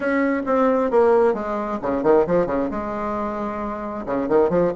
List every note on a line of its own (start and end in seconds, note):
0.00 0.42 C#4
0.46 0.90 C4
0.90 1.33 A#3
1.33 1.79 G#3
1.82 2.03 C#3
2.03 2.25 D#3
2.27 2.46 F3
2.46 2.69 C#3
2.70 4.05 G#3
4.06 4.28 C#3
4.29 4.49 D#3
4.49 4.72 F3